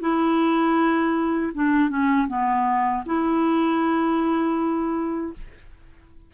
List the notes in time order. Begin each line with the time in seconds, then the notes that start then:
0.00 E4
1.54 D4
1.89 C#4
2.28 B3
3.06 E4